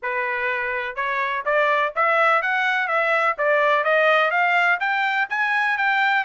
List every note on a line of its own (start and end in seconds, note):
0.02 0.95 B4
0.95 1.43 C#5
1.45 1.93 D5
1.95 2.42 E5
2.42 2.87 F#5
2.87 3.35 E5
3.38 3.84 D5
3.84 4.30 D#5
4.30 4.78 F5
4.80 5.28 G5
5.29 5.77 G#5
5.77 6.24 G5